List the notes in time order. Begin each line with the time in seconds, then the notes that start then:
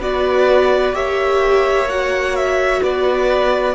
0.00 B3 F#4 B4 D5
0.93 A#3 G4 C#5 E5
1.89 F#4 F#5
2.36 E5
2.83 B3 B4 D5